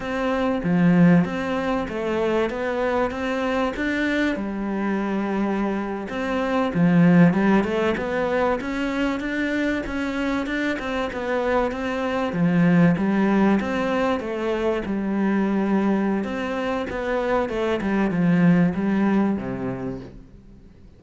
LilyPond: \new Staff \with { instrumentName = "cello" } { \time 4/4 \tempo 4 = 96 c'4 f4 c'4 a4 | b4 c'4 d'4 g4~ | g4.~ g16 c'4 f4 g16~ | g16 a8 b4 cis'4 d'4 cis'16~ |
cis'8. d'8 c'8 b4 c'4 f16~ | f8. g4 c'4 a4 g16~ | g2 c'4 b4 | a8 g8 f4 g4 c4 | }